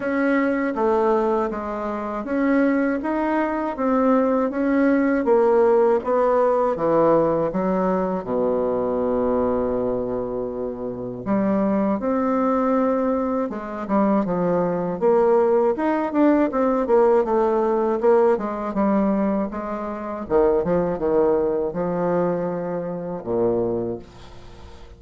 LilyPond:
\new Staff \with { instrumentName = "bassoon" } { \time 4/4 \tempo 4 = 80 cis'4 a4 gis4 cis'4 | dis'4 c'4 cis'4 ais4 | b4 e4 fis4 b,4~ | b,2. g4 |
c'2 gis8 g8 f4 | ais4 dis'8 d'8 c'8 ais8 a4 | ais8 gis8 g4 gis4 dis8 f8 | dis4 f2 ais,4 | }